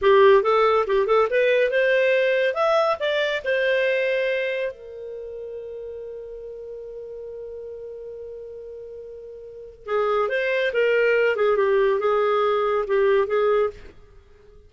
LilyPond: \new Staff \with { instrumentName = "clarinet" } { \time 4/4 \tempo 4 = 140 g'4 a'4 g'8 a'8 b'4 | c''2 e''4 d''4 | c''2. ais'4~ | ais'1~ |
ais'1~ | ais'2. gis'4 | c''4 ais'4. gis'8 g'4 | gis'2 g'4 gis'4 | }